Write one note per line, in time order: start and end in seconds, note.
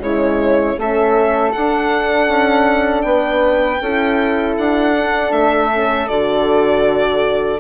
0.00 0.76 C#3
0.00 0.77 G#3
0.00 0.79 E4
0.00 0.79 C#5
0.78 1.55 A3
0.78 1.54 C#4
0.78 3.06 A4
0.78 1.52 E5
1.52 3.83 D4
1.52 2.28 D4
1.52 3.02 F#5
2.28 3.04 C#4
3.02 3.80 B3
3.02 3.82 B4
3.02 4.54 G5
3.81 4.57 C#4
3.81 4.96 E4
3.81 7.60 A4
4.58 5.33 D4
4.58 5.32 F#5
4.96 5.71 D4
5.32 6.09 A3
5.32 6.08 E5
5.71 6.09 C#4
6.08 7.60 D3
6.08 7.60 F#4
6.08 7.60 D5